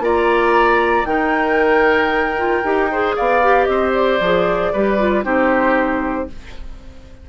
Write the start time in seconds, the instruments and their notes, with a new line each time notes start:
0.00 bassoon A#3, clarinet F4, oboe D5, flute A#5
1.05 bassoon D#3, clarinet D#4, oboe A#4, flute G5
2.37 clarinet F4
2.64 bassoon D#4, clarinet G4
2.92 clarinet G#4, oboe C5
3.16 bassoon B3, oboe D5, flute F5
3.42 clarinet G4
3.64 bassoon C4, flute D#5
3.71 oboe C5
3.94 flute D5
4.20 bassoon F3, clarinet G#4
4.73 bassoon G3, clarinet G4, oboe B4
4.99 clarinet F4
5.23 bassoon C4, clarinet D#4, oboe G4, flute C5